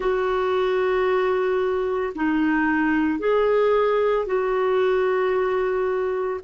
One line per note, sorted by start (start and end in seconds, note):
0.00 2.13 F#4
2.15 3.19 D#4
3.19 4.26 G#4
4.26 6.40 F#4